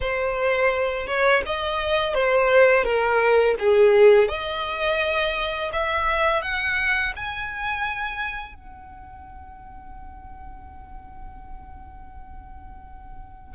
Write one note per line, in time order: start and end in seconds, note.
0.00 1.06 C5
1.06 1.42 C#5
1.46 2.14 D#5
2.14 2.83 C5
2.83 3.55 A#4
3.59 4.28 G#4
4.28 5.71 D#5
5.72 6.42 E5
6.42 7.13 F#5
7.16 8.55 G#5
8.55 13.55 F#5